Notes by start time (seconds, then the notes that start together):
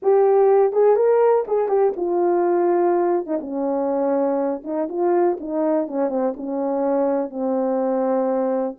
0.02 G4
0.72 G#4
0.96 A#4
1.47 G#4
1.68 G4
1.96 F4
3.26 D#4
3.40 C#4
4.63 D#4
4.88 F4
5.40 D#4
5.87 C#4
6.09 C4
6.37 C#4
7.30 C4